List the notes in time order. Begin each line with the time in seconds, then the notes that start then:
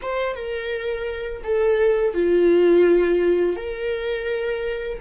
0.02 C5
0.35 A#4
1.43 A4
2.14 F4
3.56 A#4